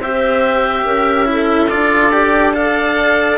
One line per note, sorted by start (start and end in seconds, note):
0.00 0.85 C4
0.00 1.26 G4
0.00 0.85 C5
0.00 1.69 E5
0.85 1.69 C#4
0.85 1.27 A#4
1.26 1.68 E4
1.26 2.56 A4
1.69 3.38 D4
1.69 2.12 F4
1.69 2.54 D5
2.12 2.54 G4
2.54 3.38 A4
2.54 3.38 D5
2.54 3.38 F5